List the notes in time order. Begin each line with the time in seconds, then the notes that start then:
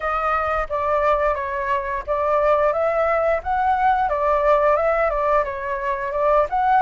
0.00 D#5
0.69 D5
1.35 C#5
2.06 D5
2.72 E5
3.43 F#5
4.09 D5
4.76 E5
5.10 D5
5.44 C#5
6.12 D5
6.49 F#5